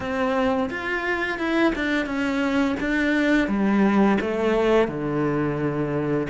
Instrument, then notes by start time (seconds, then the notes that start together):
cello
0.00 C4
0.70 F4
1.38 E4
1.75 D4
2.05 C#4
2.80 D4
3.48 G3
4.21 A3
4.87 D3